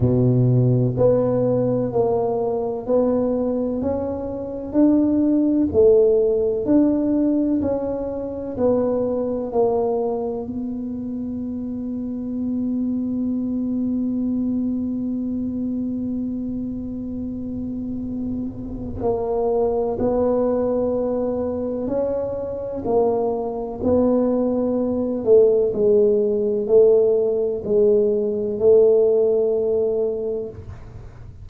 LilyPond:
\new Staff \with { instrumentName = "tuba" } { \time 4/4 \tempo 4 = 63 b,4 b4 ais4 b4 | cis'4 d'4 a4 d'4 | cis'4 b4 ais4 b4~ | b1~ |
b1 | ais4 b2 cis'4 | ais4 b4. a8 gis4 | a4 gis4 a2 | }